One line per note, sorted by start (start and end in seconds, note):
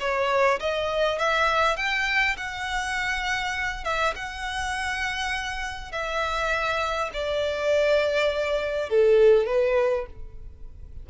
0.00 0.59 C#5
0.60 1.19 D#5
1.19 1.77 E5
1.77 2.36 G5
2.37 3.84 F#5
3.84 4.14 E5
4.16 5.92 F#5
5.92 7.11 E5
7.13 8.89 D5
8.89 9.47 A4
9.47 10.06 B4